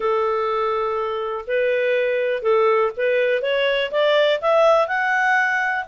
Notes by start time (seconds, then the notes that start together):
0.00 A4
1.47 B4
2.42 A4
2.96 B4
3.42 C#5
3.91 D5
4.41 E5
4.87 F#5